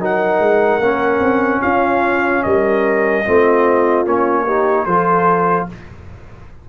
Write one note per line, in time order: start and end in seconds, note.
0.00 0.39 F#3
0.00 0.81 D#4
0.00 1.62 A#4
0.00 1.61 F#5
0.39 0.79 G#3
0.79 1.19 A#3
0.79 3.24 C#4
1.19 1.60 C4
1.61 2.45 C#4
1.61 2.43 F4
1.61 2.43 F5
2.43 3.26 G3
2.43 3.25 A#4
2.43 4.05 D#5
3.25 4.05 A3
3.25 4.05 C4
3.25 4.45 F4
4.05 4.86 A#3
4.05 4.46 C#4
4.05 4.85 C#5
4.45 4.87 D#4
4.45 4.85 G4
4.85 5.67 F3
4.85 5.69 F4
4.85 5.67 A4
4.85 5.66 C5